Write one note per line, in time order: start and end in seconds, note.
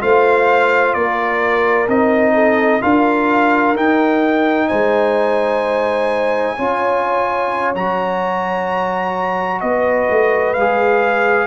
0.00 0.95 A3
0.00 1.88 F4
0.00 0.96 C5
0.00 0.94 F5
0.94 1.88 A#3
0.94 2.34 A#4
0.94 1.88 D5
1.88 2.82 C4
1.88 2.82 D#4
1.88 2.82 D#5
2.34 2.81 A4
2.82 3.76 D4
2.82 3.75 F4
2.82 4.69 A#4
2.82 3.76 F5
3.76 4.70 D#4
3.76 6.58 D#4
3.76 4.68 G5
4.68 6.59 G#3
4.68 6.56 C5
4.68 7.73 G#5
6.56 7.75 C#4
6.56 7.76 F4
6.56 9.61 C#5
7.75 9.62 F#3
7.75 10.57 F#4
7.75 9.61 A#5
9.61 10.09 B3
9.61 11.47 B4
9.61 10.54 D#5
10.10 10.56 A3
10.54 11.47 G#3
10.54 11.47 G#4
10.54 11.47 F5